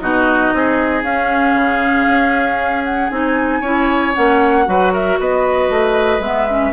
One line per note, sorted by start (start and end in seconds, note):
0.00 0.53 B2
0.00 1.04 D#4
0.00 0.54 F#4
0.00 1.03 D#5
0.53 1.03 C4
0.53 3.61 G#4
1.03 1.54 C#4
1.03 3.11 C#4
1.03 2.84 F5
1.54 2.05 C#3
2.07 3.10 C#4
2.84 3.10 F#5
3.10 3.61 C4
3.10 3.62 D#4
3.10 4.14 G#5
3.61 4.13 C#4
3.61 4.14 E4
3.61 4.64 C#5
4.14 4.67 A#3
4.14 4.65 C#4
4.14 4.92 F#5
4.65 5.19 F#3
4.65 6.21 F#4
4.65 4.93 B4
4.93 5.19 A#4
4.93 5.19 E5
5.19 5.70 B3
5.19 6.73 B4
5.19 6.22 D#5
5.70 6.19 A3
6.19 6.71 G#3
6.19 6.48 B3
6.19 6.73 E5
6.49 6.73 C#4